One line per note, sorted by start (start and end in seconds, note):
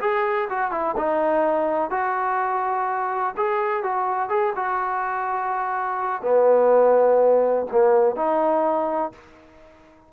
0.00 0.48 G#4
0.49 0.71 F#4
0.71 0.95 E4
0.96 1.90 D#4
1.90 3.34 F#4
3.36 3.83 G#4
3.83 4.29 F#4
4.29 4.53 G#4
4.55 6.22 F#4
6.22 7.66 B3
7.71 8.16 A#3
8.16 9.12 D#4